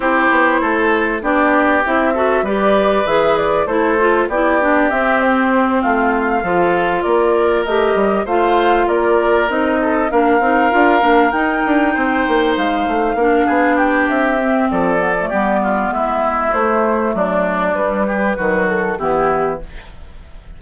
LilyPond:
<<
  \new Staff \with { instrumentName = "flute" } { \time 4/4 \tempo 4 = 98 c''2 d''4 e''4 | d''4 e''8 d''8 c''4 d''4 | e''8 c''4 f''2 d''8~ | d''8 dis''4 f''4 d''4 dis''8~ |
dis''8 f''2 g''4.~ | g''8 f''2 g''8 e''4 | d''2 e''4 c''4 | d''4 b'4. a'8 g'4 | }
  \new Staff \with { instrumentName = "oboe" } { \time 4/4 g'4 a'4 g'4. a'8 | b'2 a'4 g'4~ | g'4. f'4 a'4 ais'8~ | ais'4. c''4 ais'4. |
a'8 ais'2. c''8~ | c''4. ais'8 gis'8 g'4. | a'4 g'8 f'8 e'2 | d'4. g'8 fis'4 e'4 | }
  \new Staff \with { instrumentName = "clarinet" } { \time 4/4 e'2 d'4 e'8 fis'8 | g'4 gis'4 e'8 f'8 e'8 d'8 | c'2~ c'8 f'4.~ | f'8 g'4 f'2 dis'8~ |
dis'8 d'8 dis'8 f'8 d'8 dis'4.~ | dis'4. d'2 c'8~ | c'8 b16 a16 b2 a4~ | a4 g4 fis4 b4 | }
  \new Staff \with { instrumentName = "bassoon" } { \time 4/4 c'8 b8 a4 b4 c'4 | g4 e4 a4 b4 | c'4. a4 f4 ais8~ | ais8 a8 g8 a4 ais4 c'8~ |
c'8 ais8 c'8 d'8 ais8 dis'8 d'8 c'8 | ais8 gis8 a8 ais8 b4 c'4 | f4 g4 gis4 a4 | fis4 g4 dis4 e4 | }
>>